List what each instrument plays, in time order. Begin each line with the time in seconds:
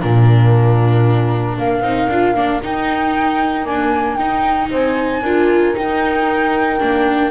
0.00 double bass A#2, viola D4, horn F4, flute A#4
1.57 double bass A#3, horn A#4, flute F5
1.81 double bass C4, viola D#4
2.08 double bass D4, viola F4
2.34 double bass A#3, viola D4
2.62 viola D#4, double bass D#4, flute G5
3.64 viola A#3, double bass D4, flute G#5
4.16 double bass D#4, viola D#4, flute G5
4.70 double bass C4, horn C5, flute G#5
5.22 double bass D4, viola F4, horn A#4
5.74 viola D#4, double bass D#4, flute G5
6.79 double bass A#3, viola D4